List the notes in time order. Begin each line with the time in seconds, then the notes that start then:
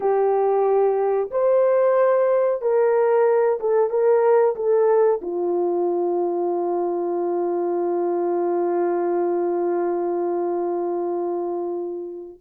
0.00 G4
1.30 C5
2.61 A#4
3.60 A4
3.90 A#4
4.55 A4
5.21 F4